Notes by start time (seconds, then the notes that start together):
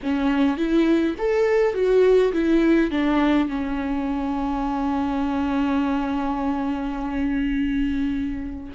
0.02 C#4
0.57 E4
1.18 A4
1.74 F#4
2.32 E4
2.90 D4
3.48 C#4